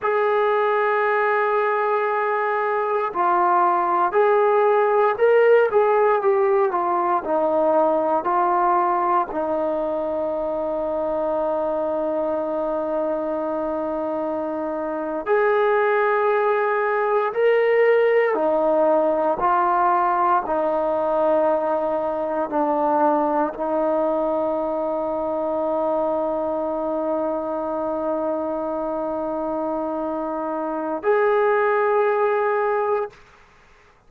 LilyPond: \new Staff \with { instrumentName = "trombone" } { \time 4/4 \tempo 4 = 58 gis'2. f'4 | gis'4 ais'8 gis'8 g'8 f'8 dis'4 | f'4 dis'2.~ | dis'2~ dis'8. gis'4~ gis'16~ |
gis'8. ais'4 dis'4 f'4 dis'16~ | dis'4.~ dis'16 d'4 dis'4~ dis'16~ | dis'1~ | dis'2 gis'2 | }